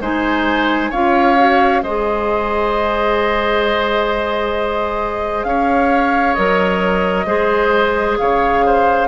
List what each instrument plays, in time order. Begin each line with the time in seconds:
0.00 bassoon G#3, clarinet D#4, oboe C5, flute G#5
0.90 bassoon C#4, clarinet F4, oboe C#5, flute F5
1.37 clarinet F#4
1.83 bassoon G#3, clarinet G#4, oboe C5, flute D#5
5.44 bassoon C#4, oboe C#5, flute F5
6.34 bassoon F#3, clarinet A#4, flute D#5
7.26 bassoon G#3, clarinet G#4, oboe C5
8.18 bassoon C#3, oboe C#5, flute F5
8.66 oboe C5